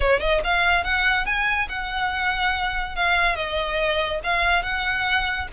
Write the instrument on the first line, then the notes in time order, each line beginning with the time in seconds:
violin
0.00 C#5
0.20 D#5
0.44 F5
0.83 F#5
1.25 G#5
1.68 F#5
2.95 F5
3.35 D#5
4.23 F5
4.63 F#5